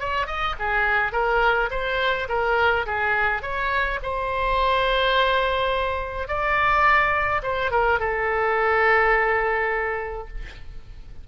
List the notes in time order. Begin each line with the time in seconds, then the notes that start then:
0.00 C#5
0.26 D#5
0.59 G#4
1.12 A#4
1.71 C5
2.29 A#4
2.86 G#4
3.42 C#5
4.03 C5
6.28 D5
7.43 C5
7.71 A#4
7.99 A4